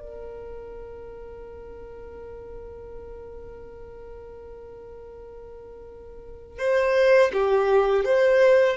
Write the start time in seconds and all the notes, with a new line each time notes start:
0.00 A#4
6.59 C5
7.33 G4
8.05 C5